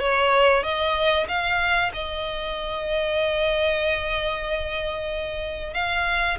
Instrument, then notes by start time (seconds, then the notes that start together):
violin
0.00 C#5
0.63 D#5
1.28 F5
1.94 D#5
5.74 F5